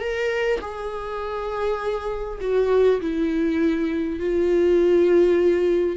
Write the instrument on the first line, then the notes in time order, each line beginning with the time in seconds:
viola
0.00 A#4
0.60 G#4
2.41 F#4
3.01 E4
4.20 F4